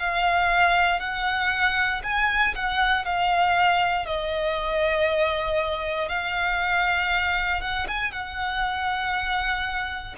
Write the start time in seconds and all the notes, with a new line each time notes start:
0.00 F5
1.00 F#5
2.04 G#5
2.55 F#5
3.05 F5
4.06 D#5
6.09 F5
7.61 F#5
7.88 G#5
8.12 F#5